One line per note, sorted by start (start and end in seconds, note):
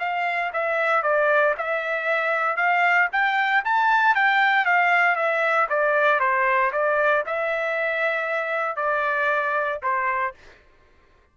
0.00 0.52 F5
0.53 1.03 E5
1.03 1.55 D5
1.58 2.57 E5
2.57 3.09 F5
3.12 3.64 G5
3.65 4.15 A5
4.15 4.66 G5
4.66 5.16 F5
5.16 5.68 E5
5.70 6.20 D5
6.20 6.72 C5
6.73 7.25 D5
7.27 8.77 E5
8.77 9.80 D5
9.83 10.35 C5